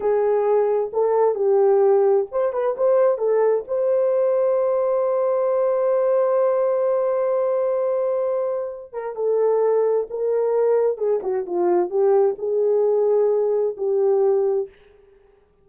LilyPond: \new Staff \with { instrumentName = "horn" } { \time 4/4 \tempo 4 = 131 gis'2 a'4 g'4~ | g'4 c''8 b'8 c''4 a'4 | c''1~ | c''1~ |
c''2.~ c''8 ais'8 | a'2 ais'2 | gis'8 fis'8 f'4 g'4 gis'4~ | gis'2 g'2 | }